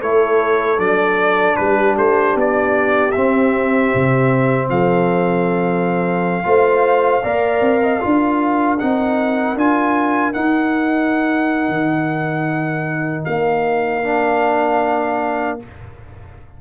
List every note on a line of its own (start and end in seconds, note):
0.00 0.78 A3
0.00 0.78 E4
0.00 1.56 A4
0.00 0.79 C#5
0.78 1.56 F#3
0.78 3.11 D4
0.78 1.56 D5
1.56 1.97 G3
1.56 4.70 G4
1.56 1.95 B4
1.97 2.35 A3
1.97 2.37 C5
2.35 3.13 B3
2.35 3.11 D5
3.11 6.43 C4
3.11 3.93 C4
3.11 4.67 E5
3.94 4.69 C3
4.69 6.44 F3
4.69 6.46 A4
4.69 8.79 F5
6.43 7.23 A3
6.43 7.21 F4
6.43 7.23 C5
7.23 7.61 A#3
7.23 8.00 A#4
7.23 7.81 D5
7.61 8.00 C4
7.83 7.99 D#5
7.99 8.82 D4
7.99 8.78 F4
7.99 15.59 A#4
8.79 9.55 C4
8.79 9.57 D#4
8.79 9.57 F#5
9.55 10.33 D4
9.55 10.33 F4
9.55 10.33 G#5
10.33 14.03 D#4
10.33 11.69 D#4
10.33 13.25 F#5
11.69 13.24 D#3
13.25 15.61 A#3
13.25 15.58 F5
14.03 15.59 D4